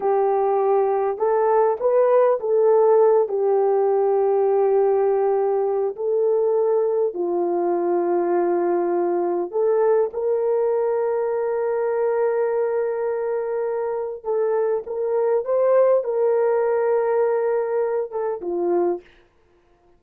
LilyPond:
\new Staff \with { instrumentName = "horn" } { \time 4/4 \tempo 4 = 101 g'2 a'4 b'4 | a'4. g'2~ g'8~ | g'2 a'2 | f'1 |
a'4 ais'2.~ | ais'1 | a'4 ais'4 c''4 ais'4~ | ais'2~ ais'8 a'8 f'4 | }